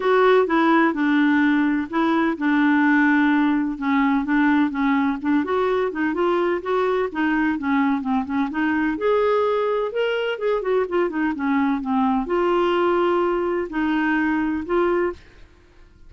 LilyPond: \new Staff \with { instrumentName = "clarinet" } { \time 4/4 \tempo 4 = 127 fis'4 e'4 d'2 | e'4 d'2. | cis'4 d'4 cis'4 d'8 fis'8~ | fis'8 dis'8 f'4 fis'4 dis'4 |
cis'4 c'8 cis'8 dis'4 gis'4~ | gis'4 ais'4 gis'8 fis'8 f'8 dis'8 | cis'4 c'4 f'2~ | f'4 dis'2 f'4 | }